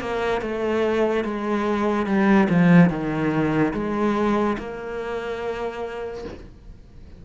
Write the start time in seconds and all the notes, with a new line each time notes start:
0.00 A#3
0.41 A3
1.24 G#3
2.06 G3
2.49 F3
2.90 D#3
3.73 G#3
4.58 A#3